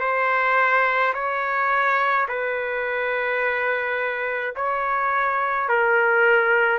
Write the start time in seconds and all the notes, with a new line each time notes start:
0.00 C5
1.13 C#5
2.28 B4
4.55 C#5
5.68 A#4